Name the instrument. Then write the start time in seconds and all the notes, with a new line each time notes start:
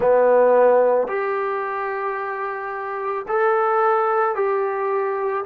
trombone
0.00 B3
1.07 G4
3.28 A4
4.35 G4